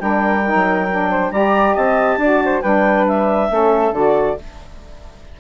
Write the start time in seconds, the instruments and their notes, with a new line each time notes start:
0.00 bassoon G3, saxophone D4, flute A#4, clarinet G5
0.45 saxophone D#4
0.55 bassoon F#3
0.90 saxophone D4
1.10 flute C5
1.31 bassoon G3, saxophone G4, flute D5, clarinet A#5
1.74 bassoon C4, flute D#5, clarinet A5
2.18 bassoon D4, saxophone F#4, flute D5
2.45 flute C5
2.62 bassoon G3, saxophone D4, flute B4, clarinet G5
3.08 clarinet E5
3.51 bassoon A3, saxophone C#4, flute A4
3.92 bassoon D3, saxophone F#4, clarinet D5